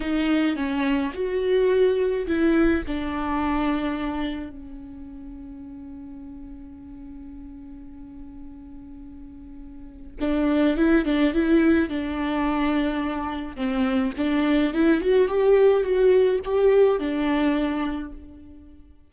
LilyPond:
\new Staff \with { instrumentName = "viola" } { \time 4/4 \tempo 4 = 106 dis'4 cis'4 fis'2 | e'4 d'2. | cis'1~ | cis'1~ |
cis'2 d'4 e'8 d'8 | e'4 d'2. | c'4 d'4 e'8 fis'8 g'4 | fis'4 g'4 d'2 | }